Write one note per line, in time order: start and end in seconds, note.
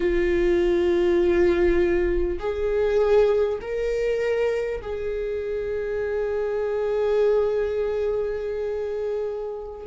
0.00 2.38 F4
2.39 3.59 G#4
3.61 4.81 A#4
4.81 9.87 G#4